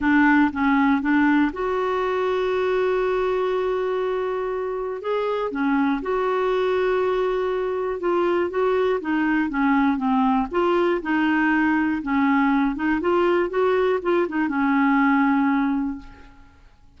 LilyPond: \new Staff \with { instrumentName = "clarinet" } { \time 4/4 \tempo 4 = 120 d'4 cis'4 d'4 fis'4~ | fis'1~ | fis'2 gis'4 cis'4 | fis'1 |
f'4 fis'4 dis'4 cis'4 | c'4 f'4 dis'2 | cis'4. dis'8 f'4 fis'4 | f'8 dis'8 cis'2. | }